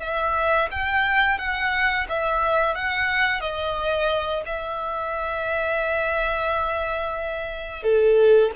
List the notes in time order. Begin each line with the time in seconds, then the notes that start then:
0.00 E5
0.71 G5
1.38 F#5
2.09 E5
2.75 F#5
3.40 D#5
4.46 E5
7.83 A4